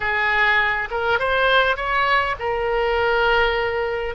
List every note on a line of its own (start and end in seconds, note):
0.00 0.88 G#4
0.90 1.19 A#4
1.19 1.76 C5
1.76 2.35 C#5
2.39 4.15 A#4